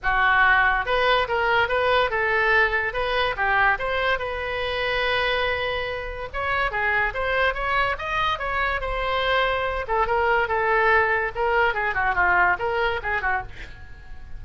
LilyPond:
\new Staff \with { instrumentName = "oboe" } { \time 4/4 \tempo 4 = 143 fis'2 b'4 ais'4 | b'4 a'2 b'4 | g'4 c''4 b'2~ | b'2. cis''4 |
gis'4 c''4 cis''4 dis''4 | cis''4 c''2~ c''8 a'8 | ais'4 a'2 ais'4 | gis'8 fis'8 f'4 ais'4 gis'8 fis'8 | }